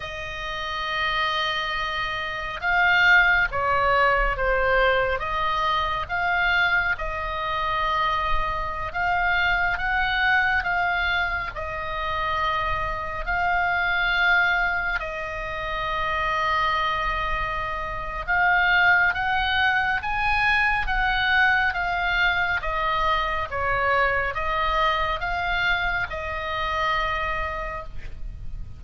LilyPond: \new Staff \with { instrumentName = "oboe" } { \time 4/4 \tempo 4 = 69 dis''2. f''4 | cis''4 c''4 dis''4 f''4 | dis''2~ dis''16 f''4 fis''8.~ | fis''16 f''4 dis''2 f''8.~ |
f''4~ f''16 dis''2~ dis''8.~ | dis''4 f''4 fis''4 gis''4 | fis''4 f''4 dis''4 cis''4 | dis''4 f''4 dis''2 | }